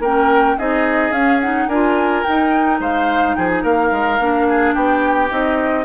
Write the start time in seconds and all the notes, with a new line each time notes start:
0.00 A#3 C#4 A#4 G5
0.59 C4 D#4 G#4 D#5
1.11 C#4 F5
1.41 D#4 F#5
1.68 D4 F4 A#4 G#5
2.24 D#4 G5
2.80 G#3 C5 F5
3.36 F3 G#4 G5
3.50 G#5
3.63 A#3 A#4 F5
3.92 G#3
4.20 A#3 D4
4.49 G#4
4.75 B3 G4 G5
5.30 C4 D#4 D#5